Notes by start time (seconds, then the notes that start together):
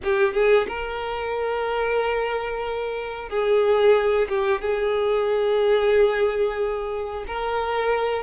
0.03 G4
0.33 G#4
0.67 A#4
3.29 G#4
4.28 G4
4.61 G#4
7.27 A#4